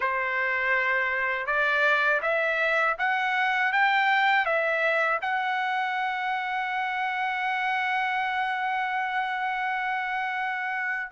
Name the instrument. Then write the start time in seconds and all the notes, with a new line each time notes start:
trumpet
0.00 C5
1.46 D5
2.22 E5
2.98 F#5
3.72 G5
4.45 E5
5.21 F#5